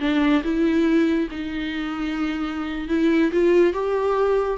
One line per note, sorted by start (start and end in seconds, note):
0.00 0.43 D4
0.44 1.29 E4
1.31 2.89 D#4
2.89 3.31 E4
3.32 3.74 F4
3.74 4.58 G4